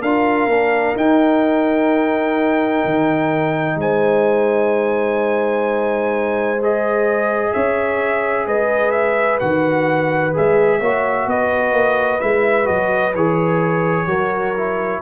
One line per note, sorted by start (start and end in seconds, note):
0.00 0.46 D4
0.00 0.50 F4
0.00 3.75 A#4
0.00 0.96 F5
0.46 0.93 A#3
0.46 0.96 D4
0.96 6.58 D#4
0.96 2.83 D#4
0.96 3.79 G5
2.85 3.76 D#3
3.76 7.51 G#3
3.76 7.54 C5
3.76 6.61 G#5
6.62 9.40 G#4
6.62 7.53 D#5
7.53 8.47 C#4
7.53 8.47 C#5
7.53 8.46 E5
8.47 9.40 G#3
8.47 10.80 B4
8.47 8.91 D#5
8.91 9.38 E5
9.39 10.35 D#3
9.39 10.33 F#4
9.39 10.33 F#5
10.33 10.80 G#3
10.33 10.80 G#4
10.33 11.29 E5
10.80 11.26 A#3
10.80 12.20 F#4
10.80 11.27 C#5
11.26 11.72 B3
11.26 14.08 B4
11.26 12.20 D#5
11.72 12.19 A#3
12.20 12.69 G#3
12.20 12.64 E4
12.20 12.67 E5
12.64 13.15 F#3
12.64 13.11 F#4
12.64 13.13 D#5
13.15 14.07 E3
13.15 14.07 G#4
13.15 15.02 C#5
14.07 15.00 F#3
14.07 14.54 F#4
14.07 15.02 A#4
14.56 15.02 E4